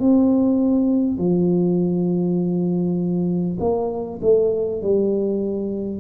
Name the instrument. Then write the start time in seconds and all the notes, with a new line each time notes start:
tuba
0.00 C4
1.18 F3
3.60 A#3
4.22 A3
4.82 G3